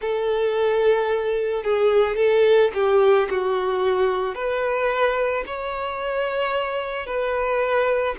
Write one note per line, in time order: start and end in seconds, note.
0.00 1.63 A4
1.63 2.16 G#4
2.16 2.70 A4
2.73 3.28 G4
3.30 4.34 F#4
4.34 5.43 B4
5.46 7.06 C#5
7.06 8.15 B4